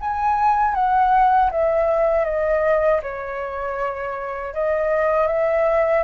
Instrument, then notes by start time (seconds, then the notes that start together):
flute
0.00 G#5
0.74 F#5
1.51 E5
2.24 D#5
3.02 C#5
4.54 D#5
5.27 E5